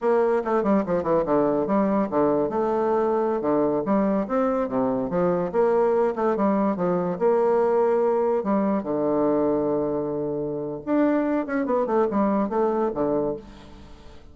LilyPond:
\new Staff \with { instrumentName = "bassoon" } { \time 4/4 \tempo 4 = 144 ais4 a8 g8 f8 e8 d4 | g4 d4 a2~ | a16 d4 g4 c'4 c8.~ | c16 f4 ais4. a8 g8.~ |
g16 f4 ais2~ ais8.~ | ais16 g4 d2~ d8.~ | d2 d'4. cis'8 | b8 a8 g4 a4 d4 | }